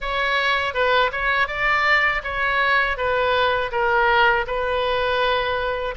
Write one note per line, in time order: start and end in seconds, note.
0.00 0.73 C#5
0.73 1.10 B4
1.12 1.47 C#5
1.47 2.22 D5
2.23 2.97 C#5
2.97 3.71 B4
3.71 4.45 A#4
4.46 5.95 B4